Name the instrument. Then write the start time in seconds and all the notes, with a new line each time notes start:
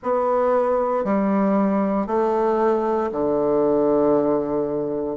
bassoon
0.02 B3
1.04 G3
2.06 A3
3.11 D3